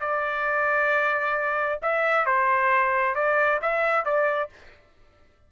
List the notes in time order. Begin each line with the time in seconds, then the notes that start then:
0.00 D5
1.82 E5
2.26 C5
3.15 D5
3.62 E5
4.05 D5